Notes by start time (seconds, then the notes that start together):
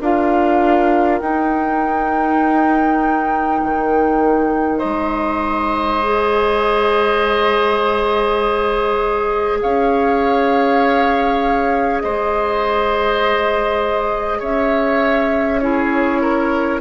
0.00 D4 F4 A#4 F5
1.19 D#4 G5
3.63 D#3
4.79 G#3 C5 D#5
6.03 G#4
9.62 C#4 C#5 F5
12.01 G#3 C5 D#5
14.39 C#4 C#5 E5
15.60 E4 G#4 C#5
16.21 A#4